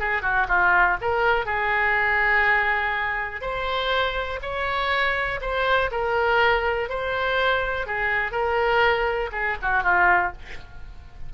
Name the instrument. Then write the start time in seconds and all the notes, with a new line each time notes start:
oboe
0.00 G#4
0.23 F#4
0.49 F4
1.01 A#4
1.46 G#4
3.42 C5
4.42 C#5
5.42 C5
5.92 A#4
6.90 C5
7.87 G#4
8.32 A#4
9.32 G#4
9.62 F#4
9.84 F4